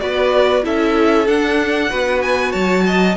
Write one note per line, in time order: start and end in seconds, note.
0.00 0.65 B3
0.00 0.63 F#4
0.00 0.65 B4
0.00 0.63 D5
0.63 1.28 C#4
0.63 1.26 E4
0.63 1.90 A4
0.63 1.27 E5
1.27 1.90 D4
1.27 1.92 D4
1.27 2.22 F#5
1.90 2.54 B3
1.90 3.16 F#4
1.90 2.52 B4
2.22 2.52 G#5
2.52 3.17 F#3
2.52 2.83 C#5
2.52 3.15 A5
2.87 3.17 D#5